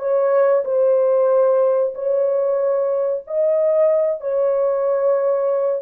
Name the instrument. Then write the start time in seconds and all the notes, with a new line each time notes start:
horn
0.00 C#5
0.65 C5
1.95 C#5
3.27 D#5
4.21 C#5